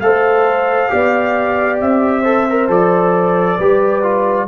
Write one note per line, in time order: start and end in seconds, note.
0.00 0.90 A3
0.00 0.89 A4
0.00 0.92 C5
0.00 1.79 F5
0.89 1.81 B3
0.89 2.24 G4
0.89 2.22 D5
1.81 2.69 C4
1.81 2.70 E5
2.22 2.47 A4
2.22 3.56 C5
2.50 2.69 A#4
2.69 3.58 F3
2.69 3.59 A4
2.69 4.48 D5
3.58 4.48 G3
3.58 4.03 G4
3.58 4.47 B4
4.03 4.48 F4